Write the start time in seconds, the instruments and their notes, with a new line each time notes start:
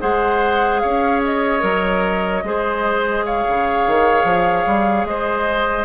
0.00 bassoon G#3, clarinet G#4, oboe C5, flute F#5
0.80 bassoon C#4, oboe C#5, flute F5
1.24 flute D#5
1.60 bassoon F#3, clarinet A#4
2.43 bassoon G#3, clarinet G#4, oboe C5
3.25 oboe C#5, flute F5
3.49 bassoon C#3
3.87 bassoon D#3
4.24 bassoon F3
4.66 bassoon G3
5.04 bassoon G#3, oboe C5, flute D#5